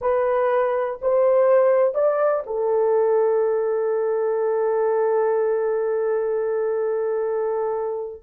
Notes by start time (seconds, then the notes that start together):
0.01 B4
1.01 C5
1.94 D5
2.46 A4